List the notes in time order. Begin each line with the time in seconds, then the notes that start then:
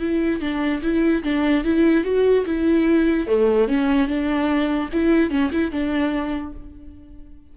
0.00 E4
0.41 D4
0.82 E4
1.24 D4
1.65 E4
2.05 F#4
2.46 E4
3.27 A3
3.68 C#4
4.08 D4
4.93 E4
5.30 C#4
5.52 E4
5.72 D4